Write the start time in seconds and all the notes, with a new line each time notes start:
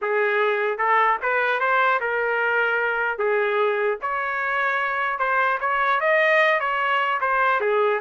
0.01 G#4
0.78 A4
1.21 B4
1.59 C5
2.00 A#4
3.18 G#4
4.01 C#5
5.19 C5
5.60 C#5
6.00 D#5
6.60 C#5
7.20 C5
7.60 G#4